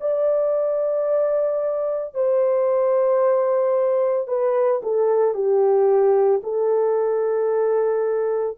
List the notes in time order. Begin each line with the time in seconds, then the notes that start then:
0.00 D5
2.14 C5
4.28 B4
4.82 A4
5.34 G4
6.43 A4